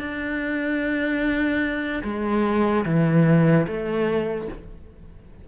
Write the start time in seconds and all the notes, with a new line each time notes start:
0.00 D4
2.04 G#3
2.86 E3
3.67 A3